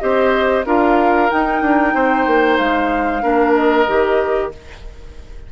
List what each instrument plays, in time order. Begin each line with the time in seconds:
0.00 bassoon C4, clarinet G4, oboe C5, flute D#5
0.66 bassoon D4, clarinet F4, oboe A#4, flute F5
1.31 clarinet D#4, bassoon D#4, flute G5
1.62 bassoon D4
1.94 bassoon C4, oboe C5
2.27 bassoon A#3
2.58 bassoon G#3, flute F5
3.22 bassoon A#3, clarinet D4, oboe A#4
3.55 flute D#5
3.88 bassoon D#3, clarinet G4